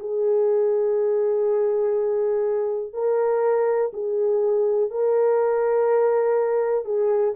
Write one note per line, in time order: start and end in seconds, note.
0.00 2.94 G#4
2.94 3.92 A#4
3.94 4.91 G#4
4.91 6.85 A#4
6.85 7.35 G#4